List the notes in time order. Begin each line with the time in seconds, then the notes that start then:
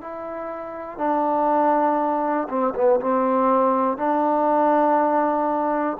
0.00 E4
0.98 D4
2.49 C4
2.75 B3
3.00 C4
3.97 D4